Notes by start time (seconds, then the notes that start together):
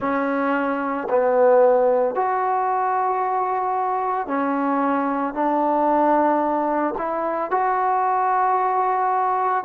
0.00 C#4
1.09 B3
2.15 F#4
4.27 C#4
5.33 D4
6.97 E4
7.50 F#4